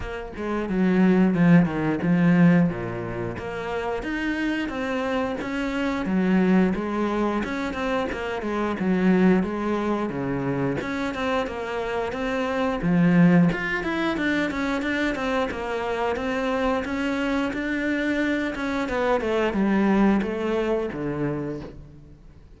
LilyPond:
\new Staff \with { instrumentName = "cello" } { \time 4/4 \tempo 4 = 89 ais8 gis8 fis4 f8 dis8 f4 | ais,4 ais4 dis'4 c'4 | cis'4 fis4 gis4 cis'8 c'8 | ais8 gis8 fis4 gis4 cis4 |
cis'8 c'8 ais4 c'4 f4 | f'8 e'8 d'8 cis'8 d'8 c'8 ais4 | c'4 cis'4 d'4. cis'8 | b8 a8 g4 a4 d4 | }